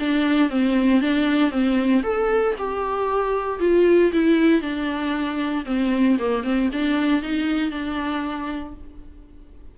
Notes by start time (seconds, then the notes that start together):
0.00 D4
0.50 C4
1.01 D4
1.51 C4
2.03 A4
2.59 G4
3.60 F4
4.13 E4
4.62 D4
5.66 C4
6.19 A#3
6.44 C4
6.73 D4
7.22 D#4
7.71 D4